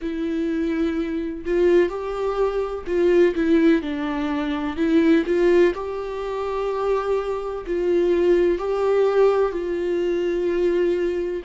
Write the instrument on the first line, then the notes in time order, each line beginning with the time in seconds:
viola
0.01 E4
1.45 F4
1.89 G4
2.87 F4
3.35 E4
3.81 D4
4.76 E4
5.26 F4
5.74 G4
7.66 F4
8.58 G4
9.52 F4